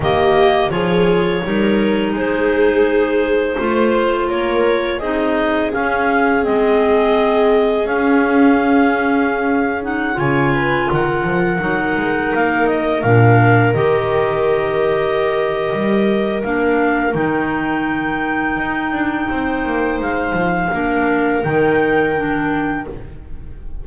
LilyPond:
<<
  \new Staff \with { instrumentName = "clarinet" } { \time 4/4 \tempo 4 = 84 dis''4 cis''2 c''4~ | c''2 cis''4 dis''4 | f''4 dis''2 f''4~ | f''4.~ f''16 fis''8 gis''4 fis''8.~ |
fis''4~ fis''16 f''8 dis''8 f''4 dis''8.~ | dis''2. f''4 | g''1 | f''2 g''2 | }
  \new Staff \with { instrumentName = "viola" } { \time 4/4 g'4 gis'4 ais'4 gis'4~ | gis'4 c''4 ais'4 gis'4~ | gis'1~ | gis'2~ gis'16 cis''8 b'8 ais'8.~ |
ais'1~ | ais'1~ | ais'2. c''4~ | c''4 ais'2. | }
  \new Staff \with { instrumentName = "clarinet" } { \time 4/4 ais4 f'4 dis'2~ | dis'4 f'2 dis'4 | cis'4 c'2 cis'4~ | cis'4.~ cis'16 dis'8 f'4.~ f'16~ |
f'16 dis'2 d'4 g'8.~ | g'2. d'4 | dis'1~ | dis'4 d'4 dis'4 d'4 | }
  \new Staff \with { instrumentName = "double bass" } { \time 4/4 dis4 f4 g4 gis4~ | gis4 a4 ais4 c'4 | cis'4 gis2 cis'4~ | cis'2~ cis'16 cis4 dis8 f16~ |
f16 fis8 gis8 ais4 ais,4 dis8.~ | dis2 g4 ais4 | dis2 dis'8 d'8 c'8 ais8 | gis8 f8 ais4 dis2 | }
>>